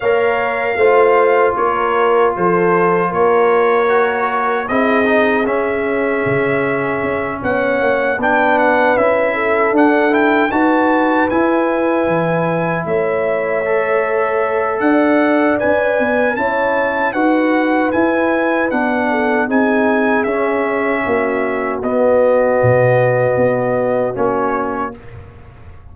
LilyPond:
<<
  \new Staff \with { instrumentName = "trumpet" } { \time 4/4 \tempo 4 = 77 f''2 cis''4 c''4 | cis''2 dis''4 e''4~ | e''4. fis''4 g''8 fis''8 e''8~ | e''8 fis''8 g''8 a''4 gis''4.~ |
gis''8 e''2~ e''8 fis''4 | gis''4 a''4 fis''4 gis''4 | fis''4 gis''4 e''2 | dis''2. cis''4 | }
  \new Staff \with { instrumentName = "horn" } { \time 4/4 cis''4 c''4 ais'4 a'4 | ais'2 gis'2~ | gis'4. cis''4 b'4. | a'4. b'2~ b'8~ |
b'8 cis''2~ cis''8 d''4~ | d''4 cis''4 b'2~ | b'8 a'8 gis'2 fis'4~ | fis'1 | }
  \new Staff \with { instrumentName = "trombone" } { \time 4/4 ais'4 f'2.~ | f'4 fis'4 e'8 dis'8 cis'4~ | cis'2~ cis'8 d'4 e'8~ | e'8 d'8 e'8 fis'4 e'4.~ |
e'4. a'2~ a'8 | b'4 e'4 fis'4 e'4 | d'4 dis'4 cis'2 | b2. cis'4 | }
  \new Staff \with { instrumentName = "tuba" } { \time 4/4 ais4 a4 ais4 f4 | ais2 c'4 cis'4 | cis4 cis'8 b8 ais8 b4 cis'8~ | cis'8 d'4 dis'4 e'4 e8~ |
e8 a2~ a8 d'4 | cis'8 b8 cis'4 dis'4 e'4 | b4 c'4 cis'4 ais4 | b4 b,4 b4 ais4 | }
>>